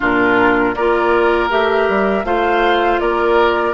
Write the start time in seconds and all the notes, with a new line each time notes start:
0.00 A#2 D4 F4 A#4
0.74 A#3 F4 A#4 D5
1.49 A3 G4 E5
1.89 G3
2.24 A3 F4 C5 F5
2.99 A#3 A#4 D5